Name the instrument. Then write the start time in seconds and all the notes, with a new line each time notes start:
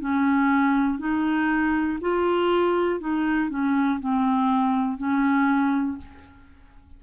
clarinet
0.00 C#4
0.99 D#4
2.00 F4
3.00 D#4
3.50 C#4
4.00 C4
4.97 C#4